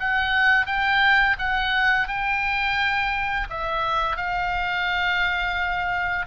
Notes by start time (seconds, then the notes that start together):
0.00 F#5
0.67 G5
1.39 F#5
2.08 G5
3.50 E5
4.17 F5